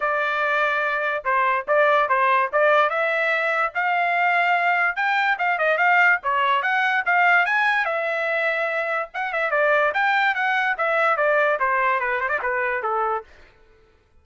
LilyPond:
\new Staff \with { instrumentName = "trumpet" } { \time 4/4 \tempo 4 = 145 d''2. c''4 | d''4 c''4 d''4 e''4~ | e''4 f''2. | g''4 f''8 dis''8 f''4 cis''4 |
fis''4 f''4 gis''4 e''4~ | e''2 fis''8 e''8 d''4 | g''4 fis''4 e''4 d''4 | c''4 b'8 c''16 d''16 b'4 a'4 | }